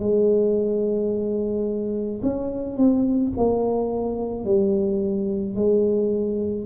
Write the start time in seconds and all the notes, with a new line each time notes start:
0.00 G#3
2.23 C#4
2.78 C4
3.37 A#3
4.45 G3
5.56 G#3